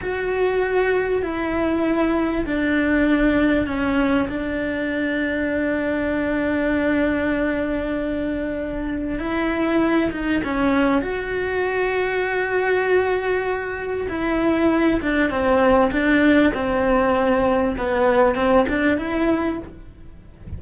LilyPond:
\new Staff \with { instrumentName = "cello" } { \time 4/4 \tempo 4 = 98 fis'2 e'2 | d'2 cis'4 d'4~ | d'1~ | d'2. e'4~ |
e'8 dis'8 cis'4 fis'2~ | fis'2. e'4~ | e'8 d'8 c'4 d'4 c'4~ | c'4 b4 c'8 d'8 e'4 | }